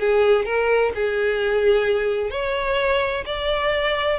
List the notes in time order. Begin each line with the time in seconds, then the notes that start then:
0.00 G#4
0.46 A#4
0.95 G#4
2.31 C#5
3.26 D5